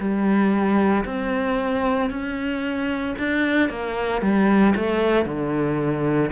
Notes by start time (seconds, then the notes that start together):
0.00 G3
1.06 C4
2.11 C#4
3.19 D4
3.70 A#3
4.22 G3
4.77 A3
5.26 D3